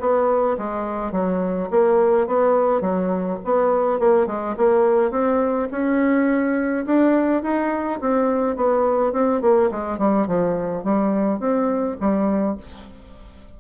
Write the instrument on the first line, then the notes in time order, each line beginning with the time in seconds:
bassoon
0.00 B3
0.58 G#3
1.12 F#3
1.70 A#3
2.27 B3
2.81 F#3
3.44 B3
3.99 A#3
4.26 G#3
4.57 A#3
5.11 C4
5.71 C#4
6.86 D4
7.42 D#4
8.01 C4
8.56 B3
9.13 C4
9.42 A#3
9.71 G#3
9.98 G3
10.27 F3
10.84 G3
11.39 C4
12.00 G3